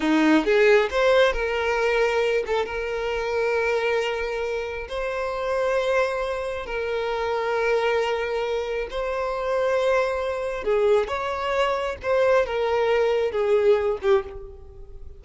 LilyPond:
\new Staff \with { instrumentName = "violin" } { \time 4/4 \tempo 4 = 135 dis'4 gis'4 c''4 ais'4~ | ais'4. a'8 ais'2~ | ais'2. c''4~ | c''2. ais'4~ |
ais'1 | c''1 | gis'4 cis''2 c''4 | ais'2 gis'4. g'8 | }